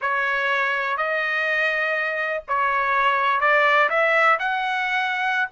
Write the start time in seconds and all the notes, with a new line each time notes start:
0.01 C#5
0.97 D#5
2.48 C#5
3.40 D5
3.89 E5
4.39 F#5